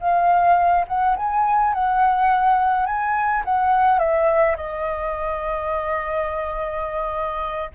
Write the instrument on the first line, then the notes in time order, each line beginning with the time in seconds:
flute
0.00 F5
0.88 F#5
1.17 G#5
1.74 F#5
2.86 G#5
3.45 F#5
3.99 E5
4.56 D#5